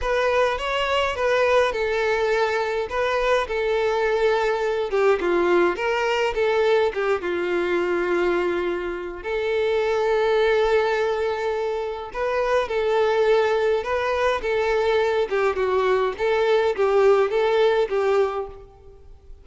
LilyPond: \new Staff \with { instrumentName = "violin" } { \time 4/4 \tempo 4 = 104 b'4 cis''4 b'4 a'4~ | a'4 b'4 a'2~ | a'8 g'8 f'4 ais'4 a'4 | g'8 f'2.~ f'8 |
a'1~ | a'4 b'4 a'2 | b'4 a'4. g'8 fis'4 | a'4 g'4 a'4 g'4 | }